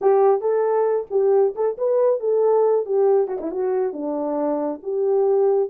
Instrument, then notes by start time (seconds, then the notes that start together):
horn
0.01 G4
0.40 A4
1.10 G4
1.55 A4
1.77 B4
2.20 A4
2.85 G4
3.27 F#4
3.40 E4
3.51 F#4
3.92 D4
4.83 G4